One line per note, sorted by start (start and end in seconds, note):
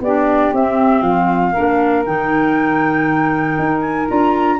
0.00 0.51 B3
0.00 0.55 D4
0.00 1.03 G4
0.00 0.54 D5
0.53 1.02 C4
0.53 1.55 C4
0.53 1.02 E5
1.02 1.53 F3
1.02 1.52 F4
1.02 2.04 F5
1.52 2.06 D4
1.52 4.57 A#4
1.59 2.07 A#3
2.06 3.58 D#3
2.06 4.08 D#4
2.06 3.81 G5
3.58 4.09 D#4
3.81 4.06 G#5
4.08 4.60 D4
4.08 4.59 F4
4.08 4.60 A#5